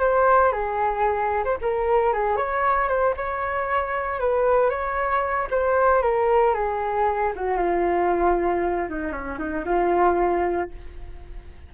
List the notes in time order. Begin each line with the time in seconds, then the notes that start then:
0.00 C5
0.52 G#4
1.44 C5
1.61 A#4
2.13 G#4
2.37 C#5
2.88 C5
3.17 C#5
4.20 B4
4.70 C#5
5.51 C5
6.02 A#4
6.54 G#4
7.36 F#4
7.58 F4
8.89 D#4
9.12 C#4
9.39 D#4
9.65 F4